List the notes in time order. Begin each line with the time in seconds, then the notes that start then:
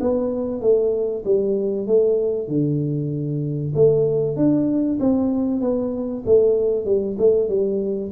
0.00 B3
0.61 A3
1.24 G3
1.86 A3
2.48 D3
3.74 A3
4.36 D4
5.00 C4
5.61 B3
6.25 A3
6.85 G3
7.18 A3
7.49 G3